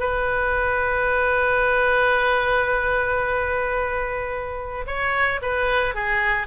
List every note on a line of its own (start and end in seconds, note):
0.00 4.86 B4
4.87 5.41 C#5
5.42 5.95 B4
5.95 6.47 G#4